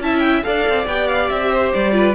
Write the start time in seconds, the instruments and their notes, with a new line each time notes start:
0.00 cello C#4, viola E4, violin E5 A5
0.20 violin G5
0.43 cello D4, viola A4, violin D5 F5
0.69 cello C4
0.87 cello B3, viola G4, violin G5
1.08 violin F5
1.30 cello C4, violin E5
1.51 violin C5
1.73 cello G3, violin D5
1.92 viola F4, violin B4